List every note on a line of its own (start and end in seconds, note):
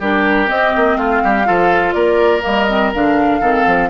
0.00 0.49 G3
0.00 0.48 D4
0.00 0.98 G4
0.00 0.49 A#4
0.48 1.45 C4
0.48 0.74 C4
0.48 0.98 D#5
0.76 0.97 A#3
0.97 1.21 A3
0.97 1.22 F4
0.97 1.93 F5
1.24 1.48 G3
1.24 1.47 G4
1.45 1.95 F3
1.45 2.42 F4
1.45 1.95 A4
1.93 2.44 A#3
1.93 3.41 A#4
1.93 2.42 D5
2.42 2.94 G3
2.42 2.66 A#3
2.42 2.92 D#5
2.70 2.94 C4
2.94 3.41 D3
2.94 3.42 D4
2.94 3.90 F5
3.41 3.66 D#3
3.41 3.90 C4
3.41 3.90 A4
3.67 3.90 F3